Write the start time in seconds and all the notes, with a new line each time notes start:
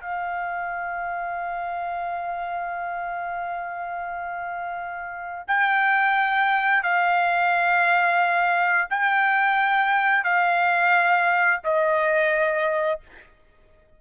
0.00 F5
5.48 G5
6.83 F5
8.90 G5
10.24 F5
11.63 D#5